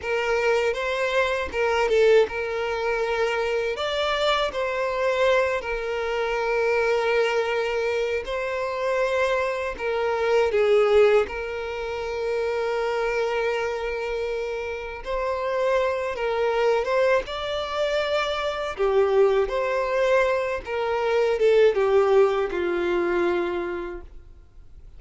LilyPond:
\new Staff \with { instrumentName = "violin" } { \time 4/4 \tempo 4 = 80 ais'4 c''4 ais'8 a'8 ais'4~ | ais'4 d''4 c''4. ais'8~ | ais'2. c''4~ | c''4 ais'4 gis'4 ais'4~ |
ais'1 | c''4. ais'4 c''8 d''4~ | d''4 g'4 c''4. ais'8~ | ais'8 a'8 g'4 f'2 | }